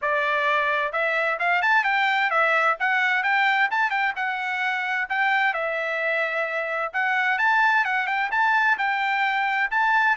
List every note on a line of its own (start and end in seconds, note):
0.01 0.92 D5
0.92 1.38 E5
1.39 1.62 F5
1.62 1.84 A5
1.84 2.30 G5
2.30 2.76 E5
2.79 3.23 F#5
3.23 3.69 G5
3.70 3.90 A5
3.90 4.13 G5
4.16 5.08 F#5
5.09 5.53 G5
5.53 6.92 E5
6.93 7.38 F#5
7.38 7.84 A5
7.84 8.06 F#5
8.06 8.30 G5
8.31 8.77 A5
8.78 9.70 G5
9.70 10.16 A5